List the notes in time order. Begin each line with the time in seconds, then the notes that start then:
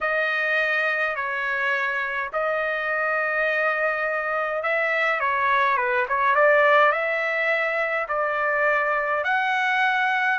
0.00 D#5
1.15 C#5
2.32 D#5
4.63 E5
5.20 C#5
5.77 B4
6.08 C#5
6.35 D5
6.92 E5
8.08 D5
9.24 F#5